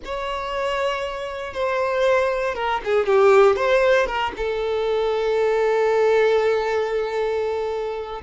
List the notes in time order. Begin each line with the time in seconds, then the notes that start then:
0.04 C#5
1.53 C5
2.55 A#4
2.84 G#4
3.05 G4
3.56 C5
4.06 A#4
4.36 A4